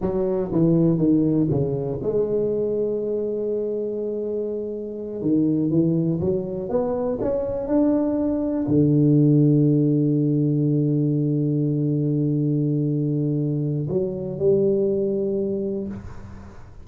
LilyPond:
\new Staff \with { instrumentName = "tuba" } { \time 4/4 \tempo 4 = 121 fis4 e4 dis4 cis4 | gis1~ | gis2~ gis8 dis4 e8~ | e8 fis4 b4 cis'4 d'8~ |
d'4. d2~ d8~ | d1~ | d1 | fis4 g2. | }